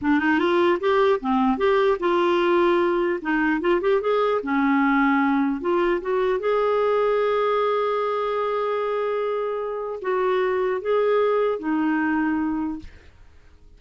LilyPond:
\new Staff \with { instrumentName = "clarinet" } { \time 4/4 \tempo 4 = 150 d'8 dis'8 f'4 g'4 c'4 | g'4 f'2. | dis'4 f'8 g'8 gis'4 cis'4~ | cis'2 f'4 fis'4 |
gis'1~ | gis'1~ | gis'4 fis'2 gis'4~ | gis'4 dis'2. | }